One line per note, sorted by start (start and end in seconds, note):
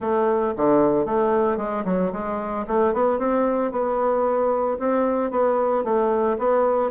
0.00 0.54 A3
0.56 1.05 D3
1.05 1.57 A3
1.57 1.83 G#3
1.84 2.11 F#3
2.12 2.65 G#3
2.67 2.93 A3
2.93 3.19 B3
3.19 3.71 C4
3.71 4.78 B3
4.79 5.30 C4
5.30 5.83 B3
5.84 6.37 A3
6.38 6.90 B3